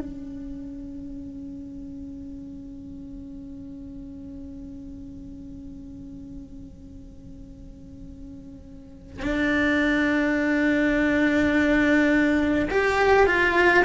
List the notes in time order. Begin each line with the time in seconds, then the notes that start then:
0.00 C#4
9.23 D4
12.71 G4
13.26 F4